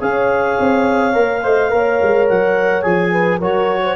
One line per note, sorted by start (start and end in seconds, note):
0.00 0.58 C#4
0.00 1.13 G#4
0.00 1.42 C#5
0.00 2.28 F5
0.60 1.17 C4
1.13 1.44 A#3
1.13 1.42 A#4
1.43 1.72 A3
1.43 1.71 C5
1.43 1.72 D#5
1.71 2.01 A#3
1.71 2.83 A#4
1.71 3.12 C#5
2.02 2.30 G#3
2.29 2.85 F#3
2.29 2.82 F#5
2.82 3.41 F3
2.82 3.39 G#4
2.82 3.39 G#5
3.12 3.39 B4
3.39 3.96 F#3
3.39 3.96 F#4
3.39 3.81 A#4
3.39 3.96 C#5
3.82 3.96 C5